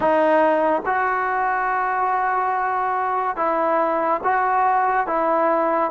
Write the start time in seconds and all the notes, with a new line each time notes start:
0.00 D#4
0.85 F#4
3.36 E4
4.23 F#4
5.06 E4